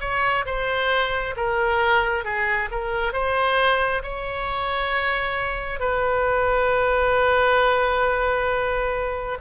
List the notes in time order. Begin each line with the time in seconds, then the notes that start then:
0.00 C#5
0.45 C5
1.36 A#4
2.24 G#4
2.71 A#4
3.13 C5
4.03 C#5
5.80 B4